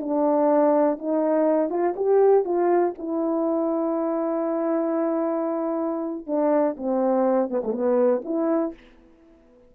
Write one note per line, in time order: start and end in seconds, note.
0.00 0.98 D4
0.98 1.70 D#4
1.70 1.94 F4
1.96 2.45 G4
2.45 2.94 F4
2.98 6.26 E4
6.26 6.76 D4
6.77 7.49 C4
7.49 7.62 B3
7.64 7.72 A3
7.72 8.22 B3
8.24 8.74 E4